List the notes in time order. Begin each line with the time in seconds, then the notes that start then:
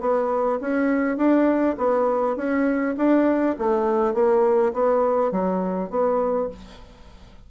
0.00 B3
0.60 C#4
1.17 D4
1.77 B3
2.36 C#4
2.97 D4
3.58 A3
4.13 A#3
4.73 B3
5.31 F#3
5.90 B3